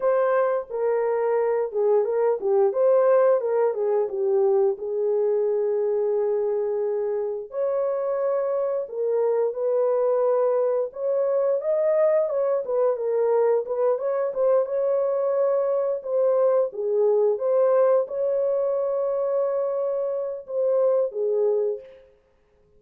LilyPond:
\new Staff \with { instrumentName = "horn" } { \time 4/4 \tempo 4 = 88 c''4 ais'4. gis'8 ais'8 g'8 | c''4 ais'8 gis'8 g'4 gis'4~ | gis'2. cis''4~ | cis''4 ais'4 b'2 |
cis''4 dis''4 cis''8 b'8 ais'4 | b'8 cis''8 c''8 cis''2 c''8~ | c''8 gis'4 c''4 cis''4.~ | cis''2 c''4 gis'4 | }